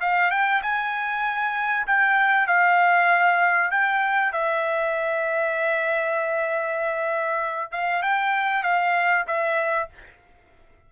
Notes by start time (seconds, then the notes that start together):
0.00 F5
0.30 G5
0.62 G#5
1.86 G5
2.47 F5
3.71 G5
4.32 E5
7.72 F5
8.02 G5
8.63 F5
9.27 E5